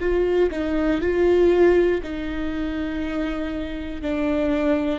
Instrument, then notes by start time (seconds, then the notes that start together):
viola
0.00 F4
0.51 D#4
1.01 F4
2.03 D#4
4.02 D4